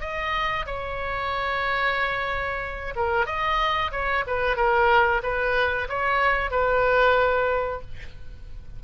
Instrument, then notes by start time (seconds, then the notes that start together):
oboe
0.00 D#5
0.66 C#5
2.95 A#4
3.26 D#5
3.92 C#5
4.27 B4
4.56 A#4
5.22 B4
5.89 C#5
6.51 B4